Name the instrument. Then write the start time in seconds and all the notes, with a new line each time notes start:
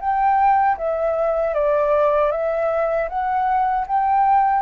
flute
0.00 G5
0.77 E5
1.54 D5
2.31 E5
3.09 F#5
3.87 G5